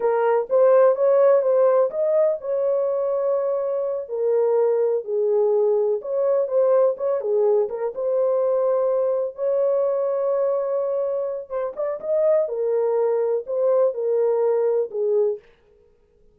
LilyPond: \new Staff \with { instrumentName = "horn" } { \time 4/4 \tempo 4 = 125 ais'4 c''4 cis''4 c''4 | dis''4 cis''2.~ | cis''8 ais'2 gis'4.~ | gis'8 cis''4 c''4 cis''8 gis'4 |
ais'8 c''2. cis''8~ | cis''1 | c''8 d''8 dis''4 ais'2 | c''4 ais'2 gis'4 | }